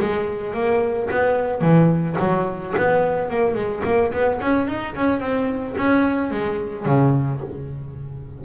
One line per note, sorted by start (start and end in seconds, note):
0.00 0.54 G#3
0.54 1.09 A#3
1.11 1.62 B3
1.62 2.17 E3
2.19 2.74 F#3
2.77 3.30 B3
3.30 3.55 A#3
3.55 3.82 G#3
3.85 4.12 A#3
4.13 4.40 B3
4.41 4.68 C#4
4.68 4.95 D#4
4.95 5.20 C#4
5.20 5.75 C4
5.77 6.31 C#4
6.31 6.86 G#3
6.86 7.41 C#3